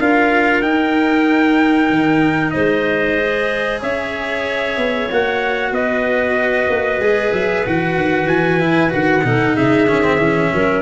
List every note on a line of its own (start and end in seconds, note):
0.00 0.63 D4
0.00 0.63 F4
0.00 2.54 A#4
0.00 0.63 F5
0.63 1.90 D#4
0.63 3.18 D#4
0.63 2.51 G5
1.90 2.54 D#3
2.51 3.83 G#3
2.51 3.81 C5
2.51 3.79 D#5
3.18 5.10 G#4
3.82 4.78 C#4
3.82 5.73 C#5
3.82 5.11 E5
4.78 5.09 B3
5.11 5.72 A#3
5.11 7.02 F#4
5.11 5.74 F#5
5.72 6.68 B3
5.72 9.24 B4
5.72 7.33 D#5
6.70 6.99 A#3
6.99 7.31 G#3
6.99 7.66 G#4
7.33 7.65 F#3
7.33 7.65 E5
7.67 7.96 E3
7.67 8.61 F#4
7.67 8.28 F#5
7.96 8.25 D#3
8.25 8.89 E3
8.25 8.91 G#5
8.61 8.90 E4
8.90 9.25 D#3
8.90 9.22 F#4
8.90 9.57 F#5
9.24 9.57 B2
9.24 9.88 D#4
9.24 9.57 A4
9.57 9.89 C#3
9.57 10.52 G#4
9.57 10.82 E5
9.89 10.18 D#3
9.89 10.04 C#4
10.04 10.19 C4
10.18 10.50 E3
10.18 10.82 C#4
10.53 10.82 F#3
10.53 10.82 A#4